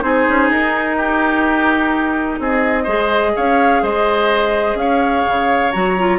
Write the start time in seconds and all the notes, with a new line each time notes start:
0.00 C4 D#4 G#4 C5
0.28 C#4
0.49 D#4 A#4
0.97 G4
2.39 C4 G#4 D#5
2.83 G#3 G#4 C5
3.36 C#4 C#5 F5
3.82 G#3 C5 D#5
4.75 C#4 C#5 F5
5.26 C#3
5.71 F#3 F#4 A#5
5.98 F4